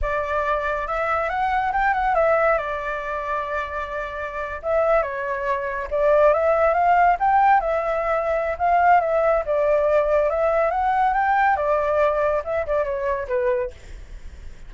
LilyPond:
\new Staff \with { instrumentName = "flute" } { \time 4/4 \tempo 4 = 140 d''2 e''4 fis''4 | g''8 fis''8 e''4 d''2~ | d''2~ d''8. e''4 cis''16~ | cis''4.~ cis''16 d''4 e''4 f''16~ |
f''8. g''4 e''2~ e''16 | f''4 e''4 d''2 | e''4 fis''4 g''4 d''4~ | d''4 e''8 d''8 cis''4 b'4 | }